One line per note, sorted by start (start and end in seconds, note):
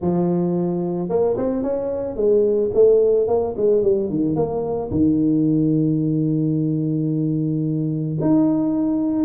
0.01 1.09 F3
1.09 1.36 A#3
1.37 1.62 C4
1.62 2.15 C#4
2.15 2.70 G#3
2.74 3.27 A3
3.27 3.54 A#3
3.56 3.82 G#3
3.82 4.09 G3
4.09 4.35 D#3
4.35 4.90 A#3
4.90 8.18 D#3
8.20 9.25 D#4